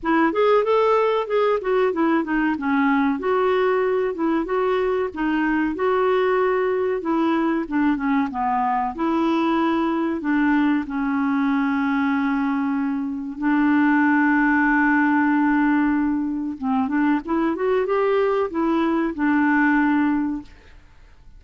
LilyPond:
\new Staff \with { instrumentName = "clarinet" } { \time 4/4 \tempo 4 = 94 e'8 gis'8 a'4 gis'8 fis'8 e'8 dis'8 | cis'4 fis'4. e'8 fis'4 | dis'4 fis'2 e'4 | d'8 cis'8 b4 e'2 |
d'4 cis'2.~ | cis'4 d'2.~ | d'2 c'8 d'8 e'8 fis'8 | g'4 e'4 d'2 | }